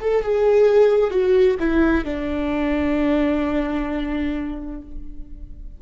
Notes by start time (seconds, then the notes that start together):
0.00 A4
0.22 G#4
1.10 F#4
1.59 E4
2.04 D4